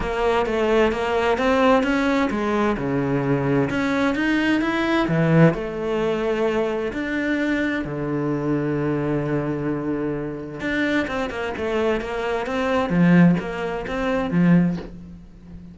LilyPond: \new Staff \with { instrumentName = "cello" } { \time 4/4 \tempo 4 = 130 ais4 a4 ais4 c'4 | cis'4 gis4 cis2 | cis'4 dis'4 e'4 e4 | a2. d'4~ |
d'4 d2.~ | d2. d'4 | c'8 ais8 a4 ais4 c'4 | f4 ais4 c'4 f4 | }